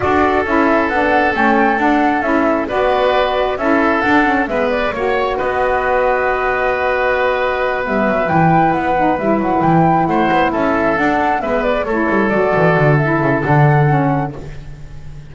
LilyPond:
<<
  \new Staff \with { instrumentName = "flute" } { \time 4/4 \tempo 4 = 134 d''4 e''4 fis''4 g''4 | fis''4 e''4 d''2 | e''4 fis''4 e''8 d''8 cis''4 | dis''1~ |
dis''4. e''4 g''4 fis''8~ | fis''8 e''8 fis''8 g''4 fis''4 e''8~ | e''8 fis''4 e''8 d''8 cis''4 d''8~ | d''4 e''4 fis''2 | }
  \new Staff \with { instrumentName = "oboe" } { \time 4/4 a'1~ | a'2 b'2 | a'2 b'4 cis''4 | b'1~ |
b'1~ | b'2~ b'8 c''4 a'8~ | a'4. b'4 a'4.~ | a'1 | }
  \new Staff \with { instrumentName = "saxophone" } { \time 4/4 fis'4 e'4 d'4 cis'4 | d'4 e'4 fis'2 | e'4 d'8 cis'8 b4 fis'4~ | fis'1~ |
fis'4. b4 e'4. | dis'8 e'2.~ e'8~ | e'8 d'4 b4 e'4 fis'8~ | fis'4 e'4 d'4 cis'4 | }
  \new Staff \with { instrumentName = "double bass" } { \time 4/4 d'4 cis'4 b4 a4 | d'4 cis'4 b2 | cis'4 d'4 gis4 ais4 | b1~ |
b4. g8 fis8 e4 b8~ | b8 g8 fis8 e4 a8 b8 cis'8~ | cis'8 d'4 gis4 a8 g8 fis8 | e8 d4 cis8 d2 | }
>>